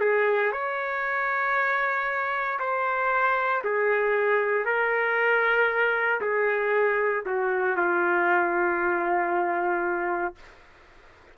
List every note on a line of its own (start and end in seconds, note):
0.00 0.52 G#4
0.52 2.59 C#5
2.59 3.63 C5
3.64 4.65 G#4
4.65 6.20 A#4
6.21 7.24 G#4
7.26 7.76 F#4
7.76 10.35 F4